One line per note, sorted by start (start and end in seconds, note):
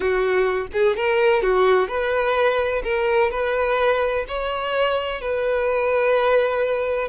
0.00 0.67 F#4
0.72 0.96 G#4
0.96 1.42 A#4
1.42 1.88 F#4
1.88 2.82 B4
2.83 3.30 A#4
3.30 4.25 B4
4.28 5.21 C#5
5.21 7.08 B4